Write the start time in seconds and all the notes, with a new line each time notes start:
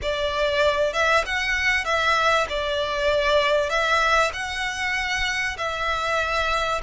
0.02 D5
0.93 E5
1.25 F#5
1.84 E5
2.49 D5
3.69 E5
4.33 F#5
5.57 E5